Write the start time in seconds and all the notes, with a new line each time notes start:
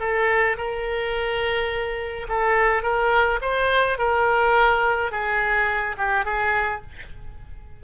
0.00 A4
0.57 A#4
2.29 A4
2.83 A#4
3.41 C5
3.98 A#4
5.11 G#4
5.97 G4
6.25 G#4